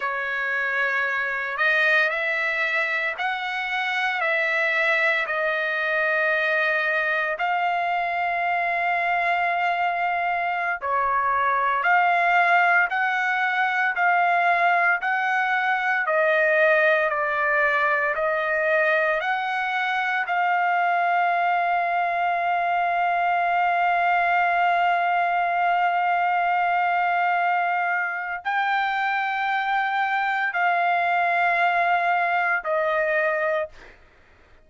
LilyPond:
\new Staff \with { instrumentName = "trumpet" } { \time 4/4 \tempo 4 = 57 cis''4. dis''8 e''4 fis''4 | e''4 dis''2 f''4~ | f''2~ f''16 cis''4 f''8.~ | f''16 fis''4 f''4 fis''4 dis''8.~ |
dis''16 d''4 dis''4 fis''4 f''8.~ | f''1~ | f''2. g''4~ | g''4 f''2 dis''4 | }